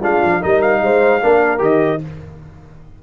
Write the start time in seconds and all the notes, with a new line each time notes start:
0.00 G#3 D4 F4 F5
0.23 F3
0.41 G3 D#4 A#4 D#5
0.61 F5
0.82 G#3 C5
1.22 A#3 D4 A#4
1.58 D#3 G4 D#5